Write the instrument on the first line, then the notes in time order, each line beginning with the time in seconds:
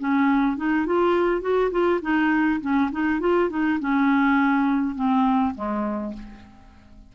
clarinet
0.00 C#4
0.57 D#4
0.86 F4
1.41 F#4
1.71 F4
2.02 D#4
2.61 C#4
2.92 D#4
3.20 F4
3.50 D#4
3.80 C#4
4.96 C4
5.55 G#3